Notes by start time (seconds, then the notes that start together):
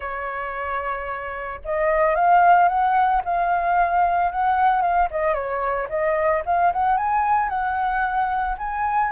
0.00 C#5
1.64 D#5
2.15 F5
2.68 F#5
3.24 F5
4.31 F#5
4.81 F5
5.10 D#5
5.34 C#5
5.89 D#5
6.45 F5
6.72 F#5
6.97 G#5
7.49 F#5
8.58 G#5